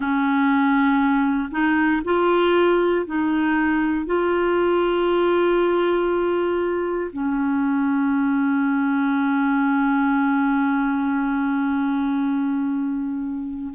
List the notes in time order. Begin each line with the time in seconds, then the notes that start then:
0.00 C#4
1.51 D#4
2.04 F4
3.06 D#4
4.05 F4
7.12 C#4